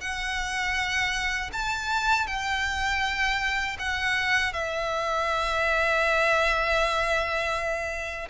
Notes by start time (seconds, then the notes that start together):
0.00 F#5
1.52 A5
2.26 G5
3.79 F#5
4.53 E5